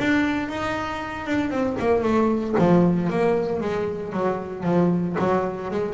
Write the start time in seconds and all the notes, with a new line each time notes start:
0.00 D4
0.49 D#4
1.27 D4
1.51 C4
1.80 A#3
2.03 A3
2.59 F3
3.10 A#3
3.61 G#3
4.13 F#3
4.64 F3
5.19 F#3
5.71 G#3